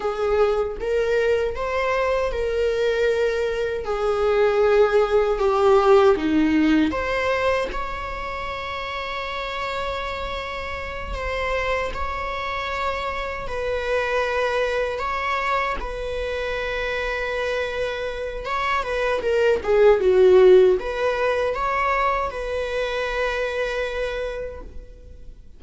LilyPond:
\new Staff \with { instrumentName = "viola" } { \time 4/4 \tempo 4 = 78 gis'4 ais'4 c''4 ais'4~ | ais'4 gis'2 g'4 | dis'4 c''4 cis''2~ | cis''2~ cis''8 c''4 cis''8~ |
cis''4. b'2 cis''8~ | cis''8 b'2.~ b'8 | cis''8 b'8 ais'8 gis'8 fis'4 b'4 | cis''4 b'2. | }